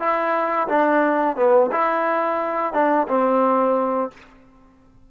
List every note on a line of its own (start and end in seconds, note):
0.00 0.68 E4
0.68 1.37 D4
1.37 1.71 B3
1.72 2.74 E4
2.74 3.08 D4
3.08 4.11 C4